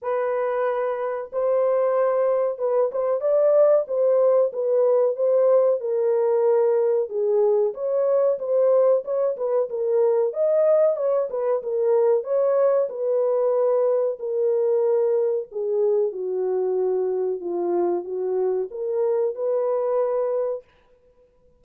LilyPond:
\new Staff \with { instrumentName = "horn" } { \time 4/4 \tempo 4 = 93 b'2 c''2 | b'8 c''8 d''4 c''4 b'4 | c''4 ais'2 gis'4 | cis''4 c''4 cis''8 b'8 ais'4 |
dis''4 cis''8 b'8 ais'4 cis''4 | b'2 ais'2 | gis'4 fis'2 f'4 | fis'4 ais'4 b'2 | }